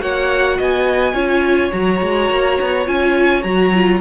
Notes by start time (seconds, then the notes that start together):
0.00 A#3 F#4 C#5 F#5
0.57 B3 D#5 G#5
1.14 C#4 F4 C#5
1.72 F#3 F#4 A#5
2.02 G#3
2.30 A#3
2.61 B3
2.85 C#4 F4 G#5
3.43 F#3 F#4 A#5
3.74 F4